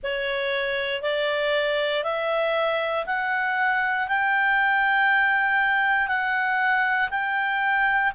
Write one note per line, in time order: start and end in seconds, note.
0.03 1.02 C#5
1.02 2.03 D5
2.03 3.05 E5
3.06 4.07 F#5
4.08 6.07 G5
6.07 7.09 F#5
7.10 8.12 G5